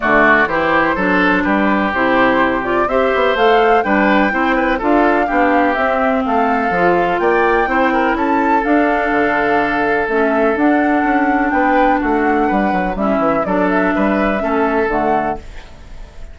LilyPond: <<
  \new Staff \with { instrumentName = "flute" } { \time 4/4 \tempo 4 = 125 d''4 c''2 b'4 | c''4. d''8 e''4 f''4 | g''2 f''2 | e''4 f''2 g''4~ |
g''4 a''4 f''2~ | f''4 e''4 fis''2 | g''4 fis''2 e''4 | d''8 e''2~ e''8 fis''4 | }
  \new Staff \with { instrumentName = "oboe" } { \time 4/4 fis'4 g'4 a'4 g'4~ | g'2 c''2 | b'4 c''8 b'8 a'4 g'4~ | g'4 a'2 d''4 |
c''8 ais'8 a'2.~ | a'1 | b'4 fis'4 b'4 e'4 | a'4 b'4 a'2 | }
  \new Staff \with { instrumentName = "clarinet" } { \time 4/4 a4 e'4 d'2 | e'4. f'8 g'4 a'4 | d'4 e'4 f'4 d'4 | c'2 f'2 |
e'2 d'2~ | d'4 cis'4 d'2~ | d'2. cis'4 | d'2 cis'4 a4 | }
  \new Staff \with { instrumentName = "bassoon" } { \time 4/4 d4 e4 fis4 g4 | c2 c'8 b8 a4 | g4 c'4 d'4 b4 | c'4 a4 f4 ais4 |
c'4 cis'4 d'4 d4~ | d4 a4 d'4 cis'4 | b4 a4 g8 fis8 g8 e8 | fis4 g4 a4 d4 | }
>>